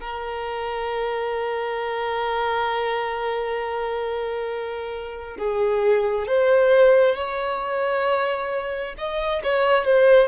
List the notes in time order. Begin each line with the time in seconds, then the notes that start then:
0.00 A#4
5.38 G#4
6.27 C5
7.15 C#5
8.98 D#5
9.43 C#5
9.85 C5